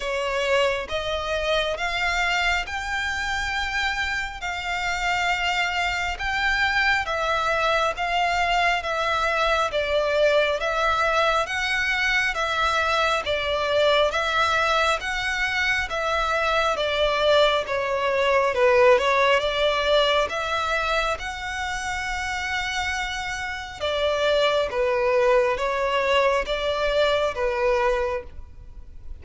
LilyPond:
\new Staff \with { instrumentName = "violin" } { \time 4/4 \tempo 4 = 68 cis''4 dis''4 f''4 g''4~ | g''4 f''2 g''4 | e''4 f''4 e''4 d''4 | e''4 fis''4 e''4 d''4 |
e''4 fis''4 e''4 d''4 | cis''4 b'8 cis''8 d''4 e''4 | fis''2. d''4 | b'4 cis''4 d''4 b'4 | }